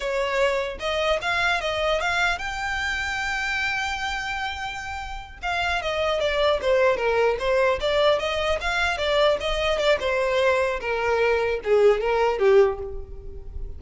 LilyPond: \new Staff \with { instrumentName = "violin" } { \time 4/4 \tempo 4 = 150 cis''2 dis''4 f''4 | dis''4 f''4 g''2~ | g''1~ | g''4. f''4 dis''4 d''8~ |
d''8 c''4 ais'4 c''4 d''8~ | d''8 dis''4 f''4 d''4 dis''8~ | dis''8 d''8 c''2 ais'4~ | ais'4 gis'4 ais'4 g'4 | }